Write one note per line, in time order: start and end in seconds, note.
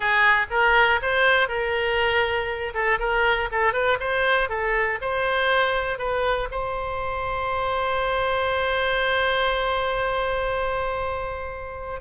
0.00 0.46 G#4
0.50 1.00 A#4
1.01 1.48 C5
1.48 2.73 A#4
2.74 2.99 A4
2.99 3.49 A#4
3.51 3.73 A4
3.73 3.98 B4
4.00 4.49 C5
4.49 4.99 A4
5.01 5.98 C5
5.98 6.48 B4
6.51 12.00 C5